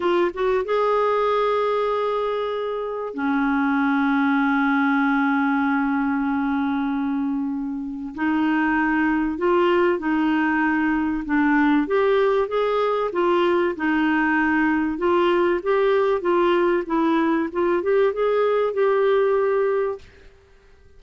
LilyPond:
\new Staff \with { instrumentName = "clarinet" } { \time 4/4 \tempo 4 = 96 f'8 fis'8 gis'2.~ | gis'4 cis'2.~ | cis'1~ | cis'4 dis'2 f'4 |
dis'2 d'4 g'4 | gis'4 f'4 dis'2 | f'4 g'4 f'4 e'4 | f'8 g'8 gis'4 g'2 | }